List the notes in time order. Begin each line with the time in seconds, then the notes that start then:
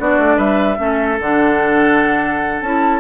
0.00 B3 D4 F#4 D5
0.19 A3
0.37 G3 B4 E5
0.77 A3 C#4 A4
1.20 D3 D4 F#5
2.61 C#4 E4 A5